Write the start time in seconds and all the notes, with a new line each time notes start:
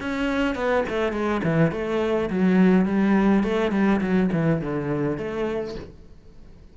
0.00 C#4
0.55 B3
0.89 A3
1.12 G#3
1.43 E3
1.72 A3
2.30 F#3
2.86 G3
3.44 A3
3.71 G3
4.01 F#3
4.32 E3
4.61 D3
5.17 A3